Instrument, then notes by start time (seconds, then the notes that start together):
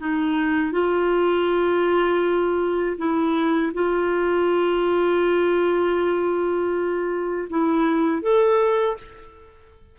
clarinet
0.00 D#4
0.72 F4
2.98 E4
3.74 F4
7.50 E4
8.22 A4